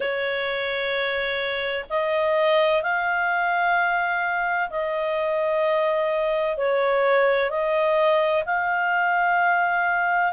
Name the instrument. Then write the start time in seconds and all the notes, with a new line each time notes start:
clarinet
0.00 C#5
1.89 D#5
2.82 F5
4.70 D#5
6.57 C#5
7.50 D#5
8.45 F5